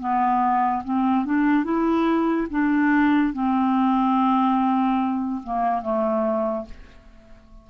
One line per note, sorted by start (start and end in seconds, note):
0.00 0.83 B3
0.84 1.26 C4
1.26 1.64 D4
1.64 2.48 E4
2.51 3.34 D4
3.34 5.42 C4
5.44 5.82 A#3
5.82 6.66 A3